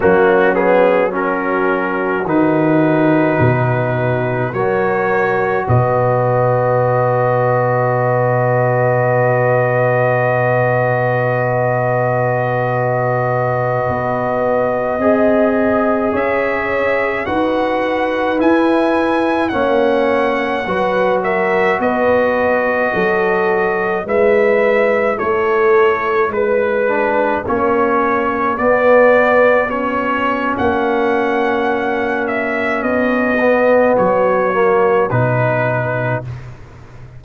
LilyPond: <<
  \new Staff \with { instrumentName = "trumpet" } { \time 4/4 \tempo 4 = 53 fis'8 gis'8 ais'4 b'2 | cis''4 dis''2.~ | dis''1~ | dis''2~ dis''16 e''4 fis''8.~ |
fis''16 gis''4 fis''4. e''8 dis''8.~ | dis''4~ dis''16 e''4 cis''4 b'8.~ | b'16 cis''4 d''4 cis''8. fis''4~ | fis''8 e''8 dis''4 cis''4 b'4 | }
  \new Staff \with { instrumentName = "horn" } { \time 4/4 cis'4 fis'2. | ais'4 b'2.~ | b'1~ | b'4~ b'16 dis''4 cis''4 b'8.~ |
b'4~ b'16 cis''4 b'8 ais'8 b'8.~ | b'16 a'4 b'4 a'4 b'8.~ | b'16 fis'2.~ fis'8.~ | fis'1 | }
  \new Staff \with { instrumentName = "trombone" } { \time 4/4 ais8 b8 cis'4 dis'2 | fis'1~ | fis'1~ | fis'4~ fis'16 gis'2 fis'8.~ |
fis'16 e'4 cis'4 fis'4.~ fis'16~ | fis'4~ fis'16 e'2~ e'8 d'16~ | d'16 cis'4 b4 cis'4.~ cis'16~ | cis'4. b4 ais8 dis'4 | }
  \new Staff \with { instrumentName = "tuba" } { \time 4/4 fis2 dis4 b,4 | fis4 b,2.~ | b,1~ | b,16 b4 c'4 cis'4 dis'8.~ |
dis'16 e'4 ais4 fis4 b8.~ | b16 fis4 gis4 a4 gis8.~ | gis16 ais4 b4.~ b16 ais4~ | ais4 b4 fis4 b,4 | }
>>